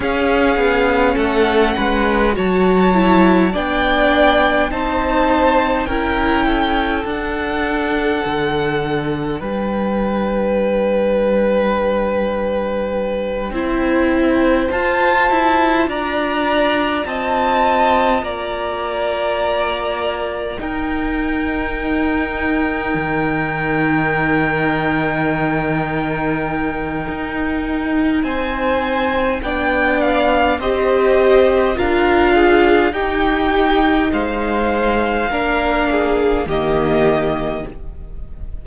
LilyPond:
<<
  \new Staff \with { instrumentName = "violin" } { \time 4/4 \tempo 4 = 51 f''4 fis''4 a''4 g''4 | a''4 g''4 fis''2 | g''1~ | g''8 a''4 ais''4 a''4 ais''8~ |
ais''4. g''2~ g''8~ | g''1 | gis''4 g''8 f''8 dis''4 f''4 | g''4 f''2 dis''4 | }
  \new Staff \with { instrumentName = "violin" } { \time 4/4 gis'4 a'8 b'8 cis''4 d''4 | c''4 ais'8 a'2~ a'8 | b'2.~ b'8 c''8~ | c''4. d''4 dis''4 d''8~ |
d''4. ais'2~ ais'8~ | ais'1 | c''4 d''4 c''4 ais'8 gis'8 | g'4 c''4 ais'8 gis'8 g'4 | }
  \new Staff \with { instrumentName = "viola" } { \time 4/4 cis'2 fis'8 e'8 d'4 | dis'4 e'4 d'2~ | d'2.~ d'8 e'8~ | e'8 f'2.~ f'8~ |
f'4. dis'2~ dis'8~ | dis'1~ | dis'4 d'4 g'4 f'4 | dis'2 d'4 ais4 | }
  \new Staff \with { instrumentName = "cello" } { \time 4/4 cis'8 b8 a8 gis8 fis4 b4 | c'4 cis'4 d'4 d4 | g2.~ g8 c'8~ | c'8 f'8 e'8 d'4 c'4 ais8~ |
ais4. dis'2 dis8~ | dis2. dis'4 | c'4 b4 c'4 d'4 | dis'4 gis4 ais4 dis4 | }
>>